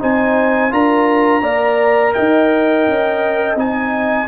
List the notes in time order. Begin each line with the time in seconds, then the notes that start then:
0.00 C4 D#4 C5 G#5
0.71 D4 F4 A#4 A#5
1.42 A#3 A#4 D5
2.14 D#4 D#5 G5
2.88 C#4
3.56 C4 D#4 G#5